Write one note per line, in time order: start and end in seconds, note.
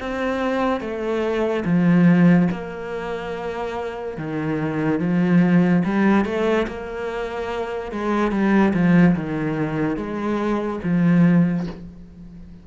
0.00 0.81 C4
0.81 1.64 A3
1.65 2.48 F3
2.52 4.17 A#3
4.17 5.00 D#3
5.00 5.83 F3
5.85 6.25 G3
6.25 6.67 A3
6.68 7.92 A#3
7.92 8.32 G#3
8.32 8.73 G3
8.74 9.16 F3
9.16 9.97 D#3
9.97 10.80 G#3
10.84 11.67 F3